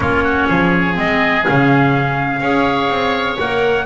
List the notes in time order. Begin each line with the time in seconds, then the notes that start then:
0.00 A#3 C#4 F4 C#5
0.23 F#4
0.48 F3 G#4
0.94 G#3 C4 D#5
1.44 C#3 C#4 F5
2.40 C#4 G#4 C#5
2.89 C4
3.39 A#3 A#4 F#5